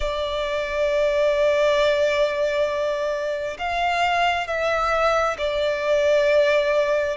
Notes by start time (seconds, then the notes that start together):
0.00 D5
3.58 F5
4.47 E5
5.37 D5